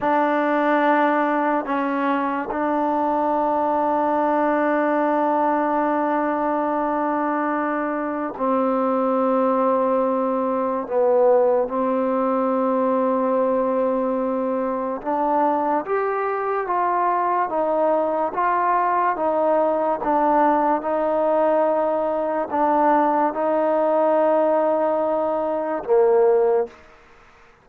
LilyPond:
\new Staff \with { instrumentName = "trombone" } { \time 4/4 \tempo 4 = 72 d'2 cis'4 d'4~ | d'1~ | d'2 c'2~ | c'4 b4 c'2~ |
c'2 d'4 g'4 | f'4 dis'4 f'4 dis'4 | d'4 dis'2 d'4 | dis'2. ais4 | }